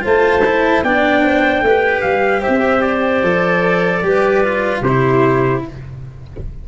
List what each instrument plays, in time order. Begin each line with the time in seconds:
0.00 tuba A3, cello F4, clarinet C5, trumpet A5
0.45 cello E4
0.83 tuba B3, cello D4, clarinet D5, trumpet G5
1.23 clarinet C5
1.61 tuba A3, cello G4, clarinet B4
2.02 tuba G3, trumpet F5
2.41 clarinet C5, trumpet E5
2.48 tuba C4
2.82 trumpet D5
3.23 tuba F3, cello A4
4.03 tuba G3, cello G4, clarinet B4
4.43 cello F4
4.81 tuba C3, clarinet G4, trumpet C5
4.88 cello E4